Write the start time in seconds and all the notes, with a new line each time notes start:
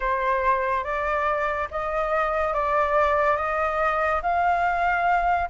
0.00 C5
0.84 D5
1.70 D#5
2.53 D5
3.36 D#5
4.22 F5